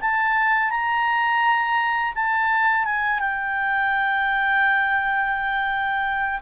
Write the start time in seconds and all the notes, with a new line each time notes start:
0.00 A5
0.70 A#5
2.15 A5
2.84 G#5
3.19 G5